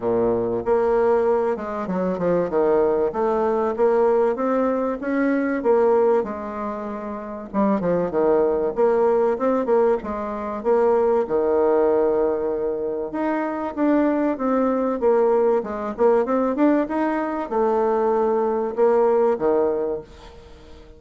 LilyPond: \new Staff \with { instrumentName = "bassoon" } { \time 4/4 \tempo 4 = 96 ais,4 ais4. gis8 fis8 f8 | dis4 a4 ais4 c'4 | cis'4 ais4 gis2 | g8 f8 dis4 ais4 c'8 ais8 |
gis4 ais4 dis2~ | dis4 dis'4 d'4 c'4 | ais4 gis8 ais8 c'8 d'8 dis'4 | a2 ais4 dis4 | }